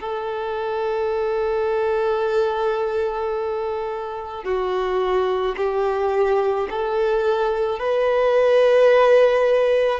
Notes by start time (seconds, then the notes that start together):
0.00 A4
4.44 F#4
5.57 G4
6.70 A4
7.79 B4